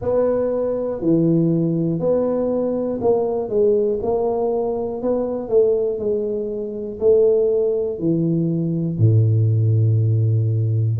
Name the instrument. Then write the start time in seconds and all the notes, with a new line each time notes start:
tuba
0.01 B3
1.00 E3
2.00 B3
3.01 A#3
3.49 G#3
4.02 A#3
5.01 B3
5.48 A3
5.98 G#3
7.00 A3
7.99 E3
8.98 A2